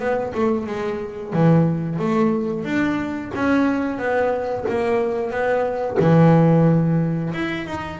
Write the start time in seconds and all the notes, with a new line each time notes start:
0.00 B3
0.35 A3
0.67 G#3
1.34 E3
1.99 A3
2.65 D4
3.35 C#4
3.99 B3
4.69 A#3
5.31 B3
6.00 E3
7.34 E4
7.67 D#4